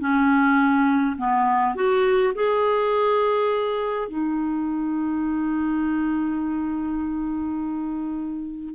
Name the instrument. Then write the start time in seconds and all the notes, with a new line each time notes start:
clarinet
0.00 C#4
1.18 B3
1.76 F#4
2.35 G#4
4.09 D#4